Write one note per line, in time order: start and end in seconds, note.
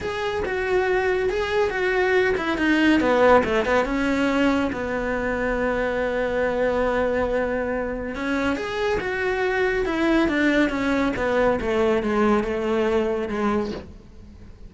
0.00 0.43 G#4
0.45 1.29 F#4
1.29 1.70 G#4
1.70 2.34 F#4
2.37 2.57 E4
2.57 3.00 D#4
3.00 3.43 B3
3.44 3.65 A3
3.65 3.85 B3
3.85 4.70 C#4
4.72 8.15 B3
8.15 8.56 C#4
8.56 8.98 G#4
9.00 9.85 F#4
9.85 10.28 E4
10.28 10.69 D4
10.69 11.12 C#4
11.16 11.59 B3
11.60 12.02 A3
12.02 12.43 G#3
12.43 13.28 A3
13.28 13.71 G#3